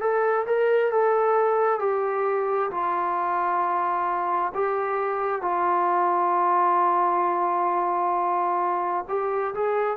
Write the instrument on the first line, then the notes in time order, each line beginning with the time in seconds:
trombone
0.00 A4
0.46 A#4
0.91 A4
1.79 G4
2.70 F4
4.55 G4
5.41 F4
9.08 G4
9.55 G#4